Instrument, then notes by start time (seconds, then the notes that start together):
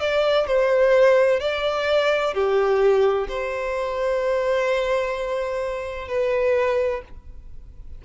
violin
0.00 D5
0.47 C5
1.40 D5
2.34 G4
3.28 C5
6.08 B4